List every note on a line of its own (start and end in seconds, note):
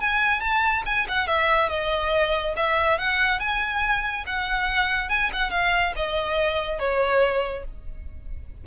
0.00 0.40 G#5
0.40 0.83 A5
0.85 1.07 G#5
1.08 1.27 F#5
1.27 1.69 E5
1.69 2.54 D#5
2.56 2.98 E5
2.98 3.39 F#5
3.39 4.24 G#5
4.26 5.09 F#5
5.09 5.30 G#5
5.32 5.50 F#5
5.50 5.93 F5
5.96 6.79 D#5
6.79 7.64 C#5